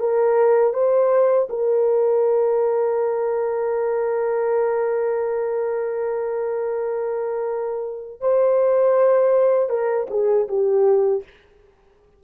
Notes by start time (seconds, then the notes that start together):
0.00 A#4
0.73 C5
1.49 A#4
8.21 C5
9.70 A#4
10.10 G#4
10.48 G4